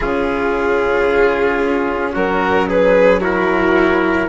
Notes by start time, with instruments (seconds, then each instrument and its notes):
0.00 bassoon C#3, cello C#4, trumpet F4, violin G#4
2.13 bassoon F#3, trumpet F#4, violin A#4
2.68 trumpet G#4, violin B4
3.20 cello E4, violin F#4, trumpet A#4